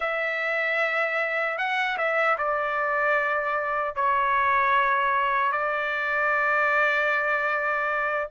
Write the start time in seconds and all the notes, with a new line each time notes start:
0.00 E5
1.58 F#5
1.97 E5
2.38 D5
3.95 C#5
5.52 D5